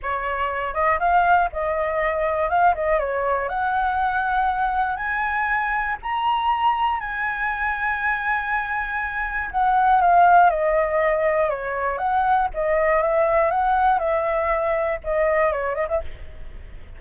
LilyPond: \new Staff \with { instrumentName = "flute" } { \time 4/4 \tempo 4 = 120 cis''4. dis''8 f''4 dis''4~ | dis''4 f''8 dis''8 cis''4 fis''4~ | fis''2 gis''2 | ais''2 gis''2~ |
gis''2. fis''4 | f''4 dis''2 cis''4 | fis''4 dis''4 e''4 fis''4 | e''2 dis''4 cis''8 dis''16 e''16 | }